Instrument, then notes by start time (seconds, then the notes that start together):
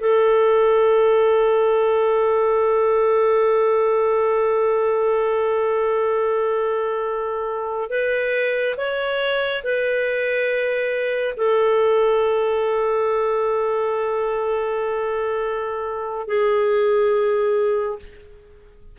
clarinet
0.00 A4
7.90 B4
8.77 C#5
9.64 B4
11.37 A4
16.27 G#4